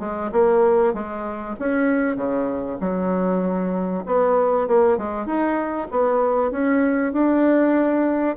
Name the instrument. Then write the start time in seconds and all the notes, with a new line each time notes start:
bassoon
0.00 G#3
0.32 A#3
0.94 G#3
1.59 C#4
2.16 C#3
2.81 F#3
4.06 B3
4.68 A#3
4.98 G#3
5.26 D#4
5.91 B3
6.52 C#4
7.13 D4